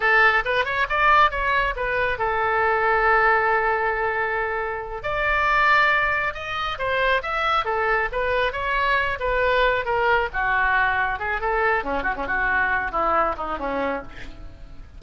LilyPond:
\new Staff \with { instrumentName = "oboe" } { \time 4/4 \tempo 4 = 137 a'4 b'8 cis''8 d''4 cis''4 | b'4 a'2.~ | a'2.~ a'8 d''8~ | d''2~ d''8 dis''4 c''8~ |
c''8 e''4 a'4 b'4 cis''8~ | cis''4 b'4. ais'4 fis'8~ | fis'4. gis'8 a'4 cis'8 fis'16 cis'16 | fis'4. e'4 dis'8 cis'4 | }